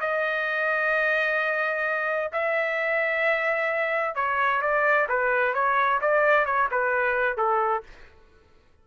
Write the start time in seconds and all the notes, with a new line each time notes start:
0.00 D#5
2.32 E5
4.15 C#5
4.61 D5
5.09 B4
5.54 C#5
6.01 D5
6.45 C#5
6.71 B4
7.37 A4